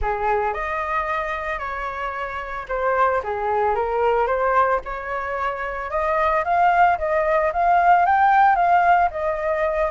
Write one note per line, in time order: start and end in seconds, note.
0.01 0.53 G#4
0.53 1.59 D#5
1.59 2.66 C#5
2.68 3.21 C5
3.23 3.75 G#4
3.75 4.26 A#4
4.26 4.80 C5
4.84 5.90 C#5
5.90 6.44 D#5
6.44 6.98 F5
6.98 7.51 D#5
7.52 8.05 F5
8.05 8.55 G5
8.55 9.09 F5
9.10 9.91 D#5